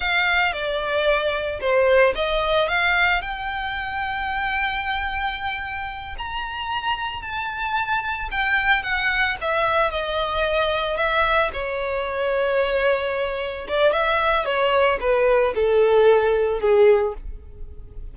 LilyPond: \new Staff \with { instrumentName = "violin" } { \time 4/4 \tempo 4 = 112 f''4 d''2 c''4 | dis''4 f''4 g''2~ | g''2.~ g''8 ais''8~ | ais''4. a''2 g''8~ |
g''8 fis''4 e''4 dis''4.~ | dis''8 e''4 cis''2~ cis''8~ | cis''4. d''8 e''4 cis''4 | b'4 a'2 gis'4 | }